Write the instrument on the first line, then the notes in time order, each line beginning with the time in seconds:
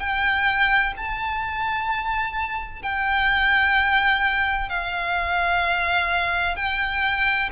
violin
0.00 G5
0.97 A5
2.83 G5
4.70 F5
6.56 G5